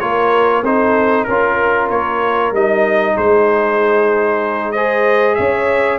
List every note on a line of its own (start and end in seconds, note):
0.00 0.62 A#3
0.00 0.64 F4
0.00 0.64 A#4
0.00 0.63 C#5
0.62 1.25 C4
0.62 1.29 D#4
0.62 1.27 A4
0.62 1.24 C5
1.24 1.89 C#4
1.24 1.87 A#4
1.24 3.14 A#4
1.30 2.55 F4
1.89 2.52 A#3
1.89 2.53 C#5
2.52 3.15 G3
2.52 4.76 D#4
2.52 3.17 D#5
3.14 5.39 G#3
3.14 4.72 G#4
3.14 4.72 C5
4.72 5.99 G#4
4.72 5.36 C5
4.72 5.35 D#5
5.35 5.99 C#4
5.35 5.99 C#5
5.35 5.98 E5